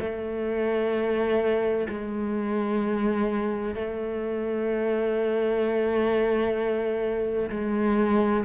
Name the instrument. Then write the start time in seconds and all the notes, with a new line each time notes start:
cello
0.00 A3
1.89 G#3
3.75 A3
7.50 G#3